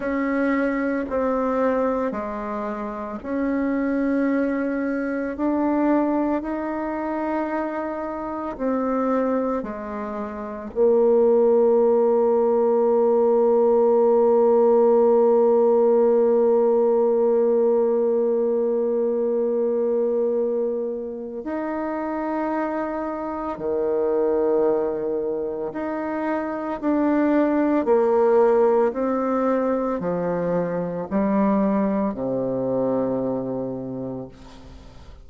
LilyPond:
\new Staff \with { instrumentName = "bassoon" } { \time 4/4 \tempo 4 = 56 cis'4 c'4 gis4 cis'4~ | cis'4 d'4 dis'2 | c'4 gis4 ais2~ | ais1~ |
ais1 | dis'2 dis2 | dis'4 d'4 ais4 c'4 | f4 g4 c2 | }